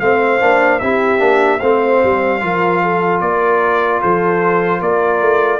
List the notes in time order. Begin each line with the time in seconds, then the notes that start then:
0.00 A3 C4 C5 F5
0.40 A#3 D4
0.80 C4 E4 G4 E5
1.19 A#3 D4
1.60 A3 C4 C5 F5
2.04 G3
2.40 F3 F4 A#4
2.83 A4
3.21 A#3 A#4 D5
4.01 F3 A4 C5
4.80 A#3 A#4 D5
5.21 A3